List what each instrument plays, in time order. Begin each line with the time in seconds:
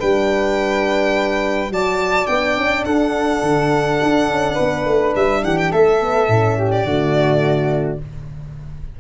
0.00 tuba G3, horn D4, flute B4, violin G5
1.70 tuba F#3, horn F#4, flute D5, violin A5
2.27 tuba B3, horn D4, violin G5
2.57 tuba C#4
2.85 tuba D4, flute A4, violin F#5
3.42 tuba D3
4.03 tuba D4
4.30 tuba C#4
4.54 tuba B3, flute B4
4.85 tuba A3
5.16 tuba G3, violin E5
5.44 tuba E3, flute G4, violin F#5
5.58 violin G5
5.71 tuba A3, flute A4, violin E5
6.01 horn B3
6.28 tuba A2, horn C#4
6.58 flute G4
6.71 violin D5
6.85 tuba D3, horn A3, flute F#4